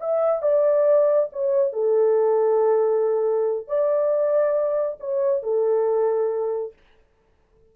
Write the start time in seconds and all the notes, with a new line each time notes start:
0.00 E5
0.42 D5
1.32 C#5
1.73 A4
3.68 D5
5.00 C#5
5.43 A4